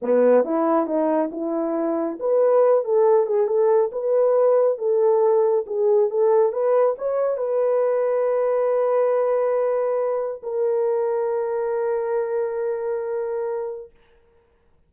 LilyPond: \new Staff \with { instrumentName = "horn" } { \time 4/4 \tempo 4 = 138 b4 e'4 dis'4 e'4~ | e'4 b'4. a'4 gis'8 | a'4 b'2 a'4~ | a'4 gis'4 a'4 b'4 |
cis''4 b'2.~ | b'1 | ais'1~ | ais'1 | }